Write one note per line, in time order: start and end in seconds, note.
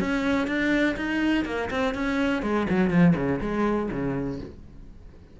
0.00 0.47 C#4
0.47 0.96 D4
0.97 1.45 D#4
1.45 1.69 A#3
1.70 1.94 C4
1.94 2.43 C#4
2.43 2.67 G#3
2.70 2.90 F#3
2.90 3.14 F3
3.16 3.40 C#3
3.41 3.90 G#3
3.91 4.40 C#3